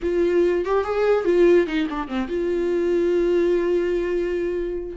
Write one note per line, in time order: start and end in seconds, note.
0.02 0.65 F4
0.65 0.84 G4
0.84 1.25 G#4
1.25 1.66 F4
1.66 1.87 D#4
1.90 2.08 D4
2.08 2.28 C4
2.28 4.96 F4